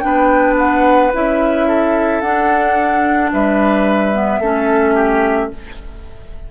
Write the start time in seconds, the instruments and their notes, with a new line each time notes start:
0.00 bassoon B3, clarinet D4, oboe B4, flute G5
0.58 flute F#5
1.14 bassoon C#4, clarinet E4, flute E5
1.68 oboe A4
2.21 bassoon D4, clarinet D4, flute F#5
3.33 bassoon G3, oboe B4, flute E5
4.14 clarinet B3
4.40 bassoon A3, clarinet C#4, oboe A4
4.95 oboe G4